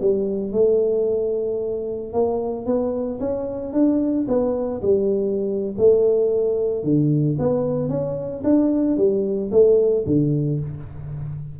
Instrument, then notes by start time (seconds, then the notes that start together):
tuba
0.00 G3
0.52 A3
2.13 A#3
2.65 B3
3.19 C#4
3.73 D4
4.28 B3
4.81 G3
5.77 A3
6.83 D3
7.38 B3
7.89 C#4
8.44 D4
8.97 G3
9.51 A3
10.06 D3